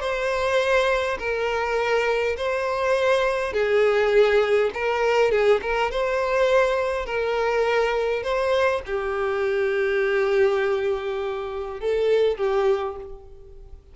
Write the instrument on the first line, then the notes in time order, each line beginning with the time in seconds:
violin
0.00 C5
1.18 A#4
2.37 C5
3.53 G#4
4.74 A#4
5.31 G#4
5.62 A#4
5.91 C5
7.06 A#4
8.23 C5
8.86 G4
11.80 A4
12.37 G4